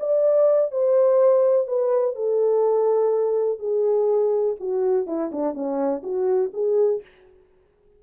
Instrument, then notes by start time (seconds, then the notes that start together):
horn
0.00 D5
0.72 C5
1.68 B4
2.16 A4
3.59 G#4
4.60 F#4
5.07 E4
5.32 D4
5.54 C#4
6.03 F#4
6.54 G#4